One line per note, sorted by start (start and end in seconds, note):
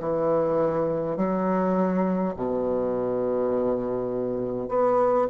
0.00 1.17 E3
1.17 2.35 F#3
2.37 4.69 B2
4.69 5.28 B3